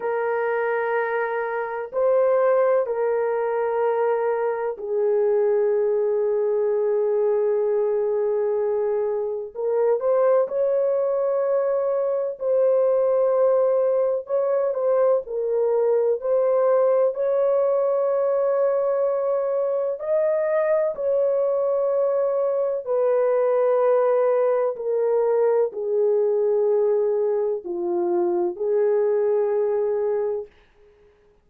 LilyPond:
\new Staff \with { instrumentName = "horn" } { \time 4/4 \tempo 4 = 63 ais'2 c''4 ais'4~ | ais'4 gis'2.~ | gis'2 ais'8 c''8 cis''4~ | cis''4 c''2 cis''8 c''8 |
ais'4 c''4 cis''2~ | cis''4 dis''4 cis''2 | b'2 ais'4 gis'4~ | gis'4 f'4 gis'2 | }